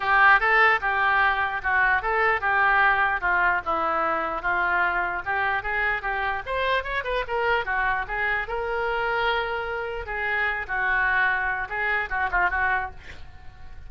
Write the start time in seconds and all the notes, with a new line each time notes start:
0.00 G4
0.40 A4
0.81 G4
1.62 F#4
2.01 A4
2.40 G4
3.20 F4
3.65 E4
4.41 F4
5.25 G4
5.62 G#4
6.02 G4
6.46 C5
6.83 C#5
7.04 B4
7.27 A#4
7.65 F#4
8.07 G#4
8.47 A#4
10.06 G#4
10.67 F#4
11.69 G#4
12.09 F#4
12.31 F4
12.50 F#4